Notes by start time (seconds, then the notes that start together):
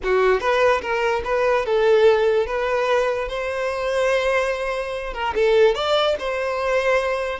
0.03 F#4
0.40 B4
0.81 A#4
1.24 B4
1.65 A4
2.46 B4
3.28 C5
5.13 A#4
5.35 A4
5.74 D5
6.19 C5